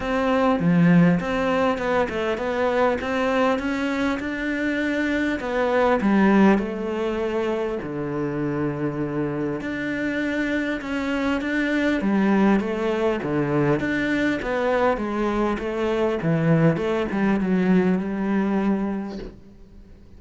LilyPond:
\new Staff \with { instrumentName = "cello" } { \time 4/4 \tempo 4 = 100 c'4 f4 c'4 b8 a8 | b4 c'4 cis'4 d'4~ | d'4 b4 g4 a4~ | a4 d2. |
d'2 cis'4 d'4 | g4 a4 d4 d'4 | b4 gis4 a4 e4 | a8 g8 fis4 g2 | }